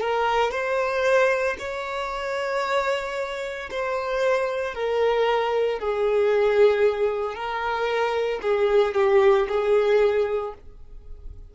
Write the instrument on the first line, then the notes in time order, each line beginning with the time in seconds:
violin
0.00 A#4
0.51 C5
1.59 C#5
3.70 C5
4.74 A#4
5.79 G#4
7.34 A#4
8.42 G#4
8.94 G4
9.48 G#4